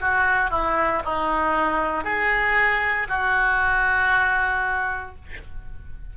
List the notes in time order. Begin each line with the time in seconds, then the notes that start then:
0.00 F#4
0.50 E4
1.04 D#4
2.04 G#4
3.08 F#4